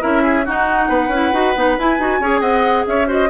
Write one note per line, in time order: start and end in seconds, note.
0.00 0.47 C#4
0.00 0.44 E4
0.00 0.23 A#4
0.00 0.46 E5
0.23 0.45 G#4
0.45 0.88 D#4
0.45 1.13 D#4
0.45 0.89 F#4
0.45 1.79 F#5
0.88 1.08 B3
0.88 2.20 B4
1.08 1.30 C#4
1.08 1.33 E4
1.33 1.55 D#4
1.33 1.54 F#4
1.55 1.77 B3
1.55 1.77 D#4
1.79 1.99 E4
1.79 2.41 G#5
1.99 2.20 D#4
1.99 2.21 F#4
2.20 2.41 C#4
2.20 3.06 G#4
2.20 2.41 C#5
2.41 2.84 C4
2.41 2.84 D#5
2.41 2.84 F#5
2.87 3.29 C#4
2.87 3.07 C#5
2.87 3.09 E5
3.06 3.28 F#4
3.06 3.29 C5
3.06 3.29 D#5